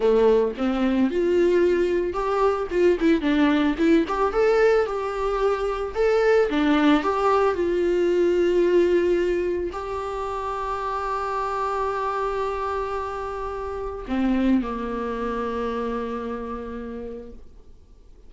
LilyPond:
\new Staff \with { instrumentName = "viola" } { \time 4/4 \tempo 4 = 111 a4 c'4 f'2 | g'4 f'8 e'8 d'4 e'8 g'8 | a'4 g'2 a'4 | d'4 g'4 f'2~ |
f'2 g'2~ | g'1~ | g'2 c'4 ais4~ | ais1 | }